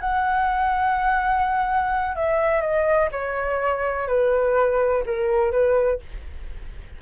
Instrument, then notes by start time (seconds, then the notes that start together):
flute
0.00 F#5
2.15 E5
2.61 D#5
3.11 C#5
4.07 B4
5.06 A#4
5.51 B4